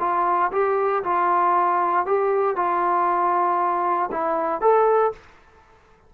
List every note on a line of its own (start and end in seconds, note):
0.00 0.51 F4
0.52 1.04 G4
1.04 2.06 F4
2.06 2.56 G4
2.56 4.10 F4
4.12 4.62 E4
4.62 5.13 A4